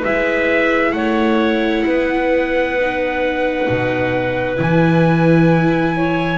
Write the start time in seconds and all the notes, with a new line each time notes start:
0.00 G#3 E4 B4 E5
0.91 A3 C#5 F#5
1.85 B3 B4
2.79 D#4
3.68 B2
4.56 E3 E4 G#5
5.96 C#5